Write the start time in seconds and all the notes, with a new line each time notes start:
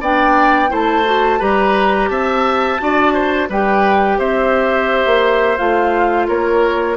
0.00 B3 D4 D5 G5
0.68 A3 E4 C5 A5
1.04 F#4
1.39 G3 G4 B4 A#5
2.08 C4 E5 A5
2.79 D4 F#4 D5
3.13 C5
3.49 G3 G4 B4 G5
4.18 C4 C5 E5
5.05 A#3
5.57 A3 F4 F5
6.27 A#3 A#4 C#5